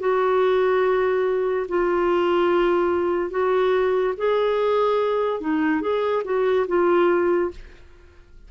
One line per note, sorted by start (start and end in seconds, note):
0.00 1.67 F#4
1.69 3.31 F4
3.31 4.14 F#4
4.17 5.41 G#4
5.41 5.81 D#4
5.81 6.23 G#4
6.25 6.66 F#4
6.68 7.51 F4